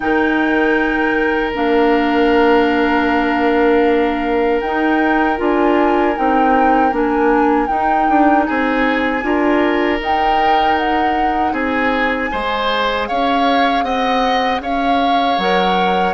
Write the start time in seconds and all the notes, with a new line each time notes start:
0.00 D#3 D#4 A#4 G5
1.54 A#3 D4 F5
4.60 D#4 G5
5.36 D4 F4 G#5
6.15 C4 D#4 G5
6.90 A#3 D4 G#5
7.67 D#4 G5
8.09 D4
8.45 C4 G#4 G#5
9.22 D4 F4 A#4
10.00 D#4 G5
10.77 F#5
11.52 C4 G#4 G#5
12.31 G#3 G#4 C5
13.07 C#4 C#5 F5
13.83 C4 D#5 F#5
14.60 C#4 C#5 F5
15.38 F#3 A#4 F#5